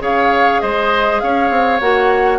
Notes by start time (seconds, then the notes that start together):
0.00 C#3 G#4 C#5 F5
0.61 G#3 C5 D#5
1.20 C#4 C#5 F5
1.51 C4
1.81 A#3 F#4 F#5